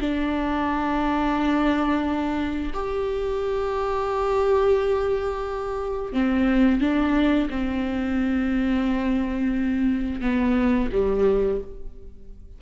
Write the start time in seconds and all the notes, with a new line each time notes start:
0.00 D4
2.73 G4
6.13 C4
6.80 D4
7.50 C4
10.21 B3
10.92 G3